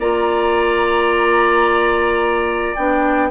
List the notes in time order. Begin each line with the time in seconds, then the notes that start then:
0.00 A#3 F4 D5 A#5
2.75 B3 D4 G5